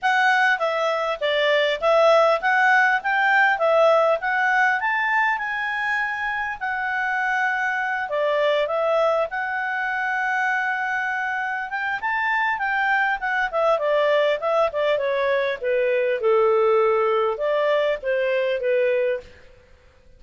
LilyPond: \new Staff \with { instrumentName = "clarinet" } { \time 4/4 \tempo 4 = 100 fis''4 e''4 d''4 e''4 | fis''4 g''4 e''4 fis''4 | a''4 gis''2 fis''4~ | fis''4. d''4 e''4 fis''8~ |
fis''2.~ fis''8 g''8 | a''4 g''4 fis''8 e''8 d''4 | e''8 d''8 cis''4 b'4 a'4~ | a'4 d''4 c''4 b'4 | }